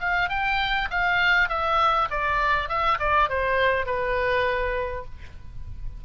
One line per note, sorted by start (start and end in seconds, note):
0.00 0.29 F5
0.29 0.88 G5
0.90 1.49 F5
1.49 2.08 E5
2.10 2.69 D5
2.69 2.98 E5
2.99 3.29 D5
3.29 3.86 C5
3.86 5.05 B4